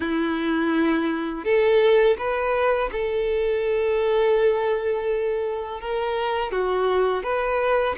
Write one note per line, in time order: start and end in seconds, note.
0.00 1.44 E4
1.44 2.16 A4
2.18 2.90 B4
2.91 5.80 A4
5.80 6.51 A#4
6.51 7.23 F#4
7.23 7.95 B4